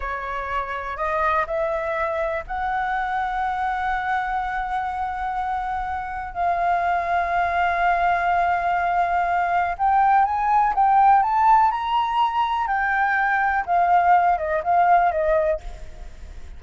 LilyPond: \new Staff \with { instrumentName = "flute" } { \time 4/4 \tempo 4 = 123 cis''2 dis''4 e''4~ | e''4 fis''2.~ | fis''1~ | fis''4 f''2.~ |
f''1 | g''4 gis''4 g''4 a''4 | ais''2 g''2 | f''4. dis''8 f''4 dis''4 | }